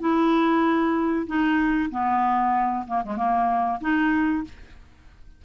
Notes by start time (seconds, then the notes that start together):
0.00 E4
1.27 D#4
1.91 B3
2.87 A#3
3.05 G#3
3.17 A#3
3.81 D#4